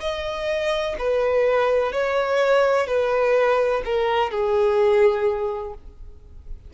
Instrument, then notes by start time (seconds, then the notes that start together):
violin
0.00 D#5
0.98 B4
1.92 C#5
2.87 B4
3.85 A#4
4.31 G#4